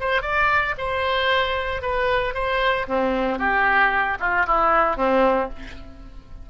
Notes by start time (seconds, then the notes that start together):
0.00 C5
0.22 D5
0.78 C5
1.82 B4
2.34 C5
2.88 C4
3.39 G4
4.20 F4
4.47 E4
4.97 C4